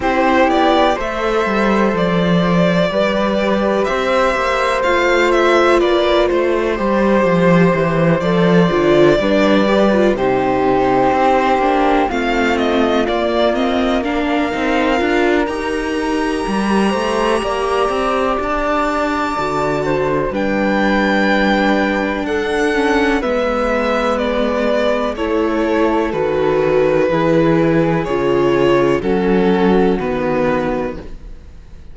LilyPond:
<<
  \new Staff \with { instrumentName = "violin" } { \time 4/4 \tempo 4 = 62 c''8 d''8 e''4 d''2 | e''4 f''8 e''8 d''8 c''4.~ | c''8 d''2 c''4.~ | c''8 f''8 dis''8 d''8 dis''8 f''4. |
ais''2. a''4~ | a''4 g''2 fis''4 | e''4 d''4 cis''4 b'4~ | b'4 cis''4 a'4 b'4 | }
  \new Staff \with { instrumentName = "flute" } { \time 4/4 g'4 c''2 b'4 | c''2 b'8 c''4.~ | c''4. b'4 g'4.~ | g'8 f'2 ais'4.~ |
ais'4. c''8 d''2~ | d''8 c''8 b'2 a'4 | b'2 a'2 | gis'2 fis'2 | }
  \new Staff \with { instrumentName = "viola" } { \time 4/4 e'4 a'2 g'4~ | g'4 f'2 g'4~ | g'8 a'8 f'8 d'8 g'16 f'16 dis'4. | d'8 c'4 ais8 c'8 d'8 dis'8 f'8 |
g'1 | fis'4 d'2~ d'8 cis'8 | b2 e'4 fis'4 | e'4 f'4 cis'4 b4 | }
  \new Staff \with { instrumentName = "cello" } { \time 4/4 c'8 b8 a8 g8 f4 g4 | c'8 ais8 a4 ais8 a8 g8 f8 | e8 f8 d8 g4 c4 c'8 | ais8 a4 ais4. c'8 d'8 |
dis'4 g8 a8 ais8 c'8 d'4 | d4 g2 d'4 | gis2 a4 dis4 | e4 cis4 fis4 dis4 | }
>>